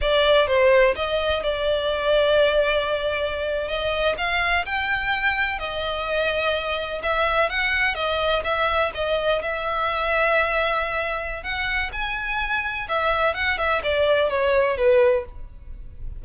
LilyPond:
\new Staff \with { instrumentName = "violin" } { \time 4/4 \tempo 4 = 126 d''4 c''4 dis''4 d''4~ | d''2.~ d''8. dis''16~ | dis''8. f''4 g''2 dis''16~ | dis''2~ dis''8. e''4 fis''16~ |
fis''8. dis''4 e''4 dis''4 e''16~ | e''1 | fis''4 gis''2 e''4 | fis''8 e''8 d''4 cis''4 b'4 | }